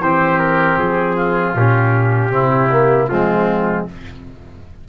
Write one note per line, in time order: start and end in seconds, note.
0.00 0.77 E3
0.00 1.56 C4
0.00 1.16 G4
0.00 0.39 C5
0.39 0.77 A#4
0.77 1.54 F3
0.77 1.56 G#4
1.16 2.31 F4
1.54 2.31 A#2
1.54 2.31 C#4
1.54 3.08 G4
2.31 3.08 C3
2.31 2.69 C4
2.31 3.10 E4
2.71 3.10 A#3
3.08 3.87 F3
3.08 3.88 G#3
3.08 3.87 C4
3.08 3.85 F4